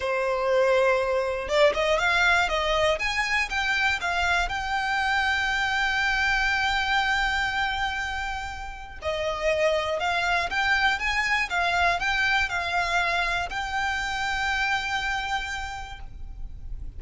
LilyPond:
\new Staff \with { instrumentName = "violin" } { \time 4/4 \tempo 4 = 120 c''2. d''8 dis''8 | f''4 dis''4 gis''4 g''4 | f''4 g''2.~ | g''1~ |
g''2 dis''2 | f''4 g''4 gis''4 f''4 | g''4 f''2 g''4~ | g''1 | }